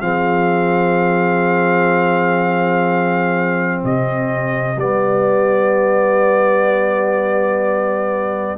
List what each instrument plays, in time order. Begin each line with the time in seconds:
0.00 tuba F3, trombone C4, horn G#4, trumpet F5
3.84 tuba C3, horn G4, trumpet D#5
4.76 tuba G3, trombone B3, trumpet D5